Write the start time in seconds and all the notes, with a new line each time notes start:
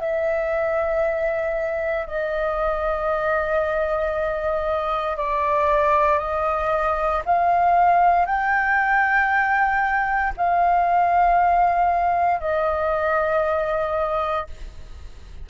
0.00 E5
2.07 D#5
5.17 D5
6.19 D#5
7.26 F5
8.26 G5
10.37 F5
12.40 D#5